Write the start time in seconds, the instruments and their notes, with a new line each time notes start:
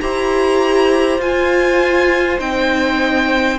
0.00 cello E4, viola G4, violin C5 A#5
1.18 cello F4, viola F4, violin G#5
2.38 cello C4, viola D#4, violin G5